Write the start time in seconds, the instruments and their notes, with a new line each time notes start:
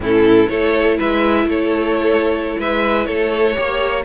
0.00 cello A2, viola C#4, violin E4 A4
0.48 cello A3, viola E4, violin A4 C#5
0.97 cello G#3, violin B4 E5
1.45 cello A3, violin A4 C#5
2.58 cello G#3, violin B4 E5
3.05 cello A3, violin A4 C#5
3.54 cello A#3, viola G4, violin C#5